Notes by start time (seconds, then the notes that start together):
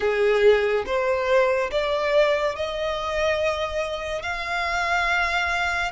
0.00 G#4
0.86 C5
1.71 D5
2.55 D#5
4.22 F5